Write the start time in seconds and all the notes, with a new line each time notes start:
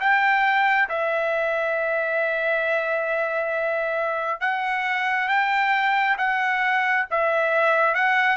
0.00 G5
0.89 E5
4.40 F#5
5.28 G5
6.18 F#5
7.10 E5
7.95 F#5